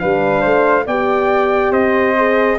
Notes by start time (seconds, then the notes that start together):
0.00 G3 D4 B4 F5
0.41 A3 C5
0.86 B3 G4 D5 G5
1.71 C4 C5 D#5
2.17 G#4